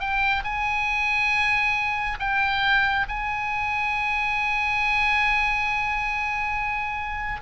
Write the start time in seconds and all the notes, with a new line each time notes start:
0.00 G5
0.44 G#5
2.20 G5
3.08 G#5